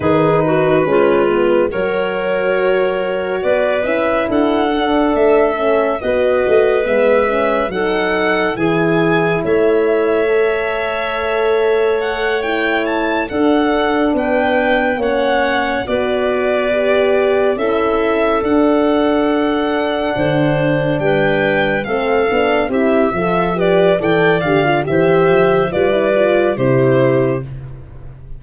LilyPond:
<<
  \new Staff \with { instrumentName = "violin" } { \time 4/4 \tempo 4 = 70 b'2 cis''2 | d''8 e''8 fis''4 e''4 dis''4 | e''4 fis''4 gis''4 e''4~ | e''2 fis''8 g''8 a''8 fis''8~ |
fis''8 g''4 fis''4 d''4.~ | d''8 e''4 fis''2~ fis''8~ | fis''8 g''4 f''4 e''4 d''8 | g''8 f''8 e''4 d''4 c''4 | }
  \new Staff \with { instrumentName = "clarinet" } { \time 4/4 gis'8 fis'8 f'4 ais'2 | b'4 a'2 b'4~ | b'4 a'4 gis'4 cis''4~ | cis''2.~ cis''8 a'8~ |
a'8 b'4 cis''4 b'4.~ | b'8 a'2. c''8~ | c''8 b'4 a'4 g'8 a'8 b'8 | d''4 c''4 b'4 g'4 | }
  \new Staff \with { instrumentName = "horn" } { \time 4/4 dis'4 cis'8 b8 fis'2~ | fis'8 e'4 d'4 cis'8 fis'4 | b8 cis'8 dis'4 e'2 | a'2~ a'8 e'4 d'8~ |
d'4. cis'4 fis'4 g'8~ | g'8 e'4 d'2~ d'8~ | d'4. c'8 d'8 e'8 f'8 g'8 | a'8 g'16 f'16 g'4 f'16 e'16 f'8 e'4 | }
  \new Staff \with { instrumentName = "tuba" } { \time 4/4 dis4 gis4 fis2 | b8 cis'8 d'4 a4 b8 a8 | gis4 fis4 e4 a4~ | a2.~ a8 d'8~ |
d'8 b4 ais4 b4.~ | b8 cis'4 d'2 d8~ | d8 g4 a8 b8 c'8 f4 | e8 d8 e8 f8 g4 c4 | }
>>